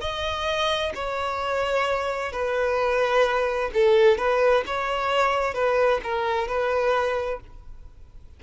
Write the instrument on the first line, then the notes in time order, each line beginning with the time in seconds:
violin
0.00 D#5
0.94 C#5
2.32 B4
3.74 A4
4.17 B4
4.66 C#5
5.54 B4
6.03 A#4
6.47 B4